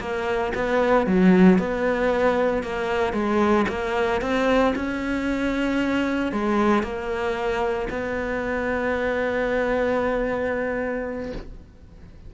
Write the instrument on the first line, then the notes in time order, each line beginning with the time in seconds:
cello
0.00 A#3
0.55 B3
1.06 F#3
1.58 B3
2.63 A#3
3.13 G#3
3.68 A#3
4.21 C4
4.75 C#4
6.32 G#3
6.83 A#3
7.90 B3